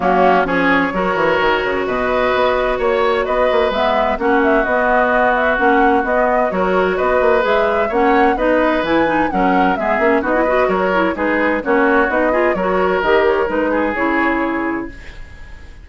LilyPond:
<<
  \new Staff \with { instrumentName = "flute" } { \time 4/4 \tempo 4 = 129 fis'4 cis''2. | dis''2 cis''4 dis''4 | e''4 fis''8 e''8 dis''4. e''8 | fis''4 dis''4 cis''4 dis''4 |
e''4 fis''4 dis''4 gis''4 | fis''4 e''4 dis''4 cis''4 | b'4 cis''4 dis''4 cis''4 | dis''8 cis''8 b'4 cis''2 | }
  \new Staff \with { instrumentName = "oboe" } { \time 4/4 cis'4 gis'4 ais'2 | b'2 cis''4 b'4~ | b'4 fis'2.~ | fis'2 ais'4 b'4~ |
b'4 cis''4 b'2 | ais'4 gis'4 fis'8 b'8 ais'4 | gis'4 fis'4. gis'8 ais'4~ | ais'4. gis'2~ gis'8 | }
  \new Staff \with { instrumentName = "clarinet" } { \time 4/4 ais4 cis'4 fis'2~ | fis'1 | b4 cis'4 b2 | cis'4 b4 fis'2 |
gis'4 cis'4 dis'4 e'8 dis'8 | cis'4 b8 cis'8 dis'16 e'16 fis'4 e'8 | dis'4 cis'4 dis'8 f'8 fis'4 | g'4 dis'4 e'2 | }
  \new Staff \with { instrumentName = "bassoon" } { \time 4/4 fis4 f4 fis8 e8 dis8 cis8 | b,4 b4 ais4 b8 ais8 | gis4 ais4 b2 | ais4 b4 fis4 b8 ais8 |
gis4 ais4 b4 e4 | fis4 gis8 ais8 b4 fis4 | gis4 ais4 b4 fis4 | dis4 gis4 cis2 | }
>>